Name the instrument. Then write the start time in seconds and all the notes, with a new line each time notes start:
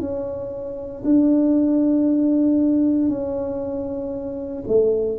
tuba
0.00 C#4
1.05 D4
3.09 C#4
4.68 A3